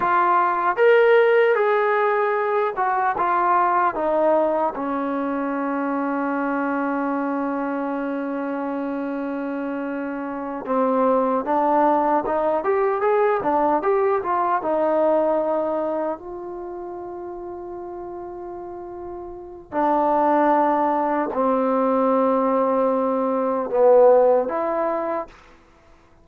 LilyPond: \new Staff \with { instrumentName = "trombone" } { \time 4/4 \tempo 4 = 76 f'4 ais'4 gis'4. fis'8 | f'4 dis'4 cis'2~ | cis'1~ | cis'4. c'4 d'4 dis'8 |
g'8 gis'8 d'8 g'8 f'8 dis'4.~ | dis'8 f'2.~ f'8~ | f'4 d'2 c'4~ | c'2 b4 e'4 | }